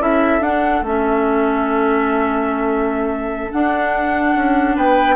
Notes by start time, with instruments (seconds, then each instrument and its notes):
0.00 bassoon C#4, clarinet E4, oboe A4, flute E5
0.41 bassoon D4, clarinet D4, flute F#5
0.82 bassoon A3, clarinet C#4, flute E5
3.52 clarinet D4, bassoon D4, flute F#5
4.36 bassoon C#4
4.76 bassoon B3, oboe B4, flute G5